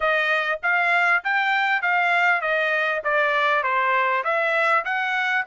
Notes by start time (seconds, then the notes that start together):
0.00 D#5
0.63 F5
1.23 G5
1.82 F5
2.41 D#5
3.04 D5
3.63 C5
4.23 E5
4.84 F#5